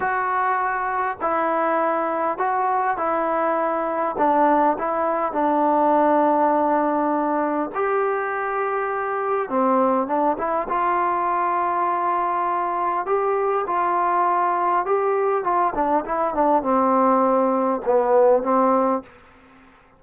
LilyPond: \new Staff \with { instrumentName = "trombone" } { \time 4/4 \tempo 4 = 101 fis'2 e'2 | fis'4 e'2 d'4 | e'4 d'2.~ | d'4 g'2. |
c'4 d'8 e'8 f'2~ | f'2 g'4 f'4~ | f'4 g'4 f'8 d'8 e'8 d'8 | c'2 b4 c'4 | }